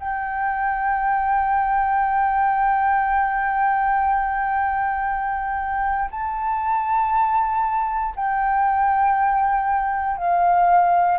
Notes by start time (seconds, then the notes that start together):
0.00 G5
6.11 A5
8.16 G5
10.17 F5